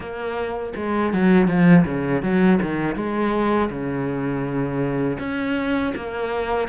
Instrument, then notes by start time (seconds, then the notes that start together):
cello
0.00 A#3
0.76 G#3
1.13 F#3
1.47 F3
1.85 C#3
2.22 F#3
2.61 D#3
2.95 G#3
3.69 C#3
5.19 C#4
5.95 A#3